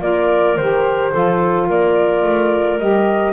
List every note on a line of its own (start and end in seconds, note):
0.00 0.57 A#3
0.00 0.56 F4
0.00 1.12 A#4
0.00 0.57 D5
0.57 1.12 D#3
0.57 1.12 G4
0.57 1.68 C5
1.12 1.70 F3
1.12 2.79 F4
1.12 1.67 A4
1.67 2.24 A#3
1.67 3.33 A#4
1.67 2.79 D5
2.24 2.79 A3
2.79 3.33 G3
2.79 3.33 G4
2.79 3.33 D#5